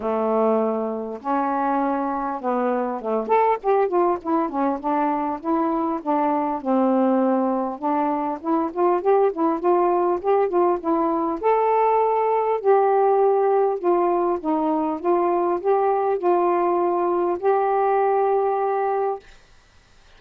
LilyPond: \new Staff \with { instrumentName = "saxophone" } { \time 4/4 \tempo 4 = 100 a2 cis'2 | b4 a8 a'8 g'8 f'8 e'8 cis'8 | d'4 e'4 d'4 c'4~ | c'4 d'4 e'8 f'8 g'8 e'8 |
f'4 g'8 f'8 e'4 a'4~ | a'4 g'2 f'4 | dis'4 f'4 g'4 f'4~ | f'4 g'2. | }